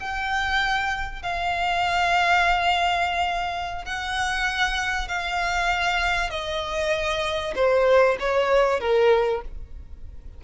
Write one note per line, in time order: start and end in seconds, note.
0.00 1.22 G5
1.22 3.85 F5
3.85 5.08 F#5
5.08 6.30 F5
6.30 7.54 D#5
7.55 8.17 C5
8.20 8.80 C#5
8.80 9.42 A#4